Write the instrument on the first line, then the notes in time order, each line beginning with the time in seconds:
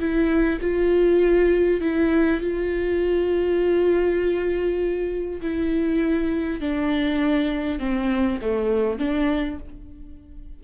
viola
0.00 E4
0.61 F4
1.81 E4
2.41 F4
5.41 E4
6.61 D4
7.79 C4
8.42 A3
8.99 D4